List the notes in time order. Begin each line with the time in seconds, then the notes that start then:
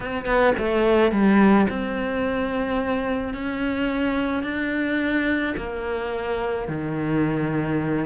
0.00 C4
0.25 B3
0.58 A3
1.11 G3
1.69 C4
3.34 C#4
4.43 D4
5.57 A#3
6.68 D#3